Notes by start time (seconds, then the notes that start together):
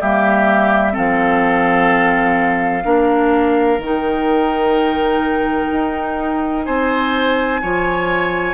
0.00 G3 A#3 G4 E5
0.92 F3 C4 A4 F5
2.83 A#3 D4 A#4
3.78 D#3 D#4 G5
5.72 D#4
6.64 C4 C5 G#5
7.62 F3 F4 C#5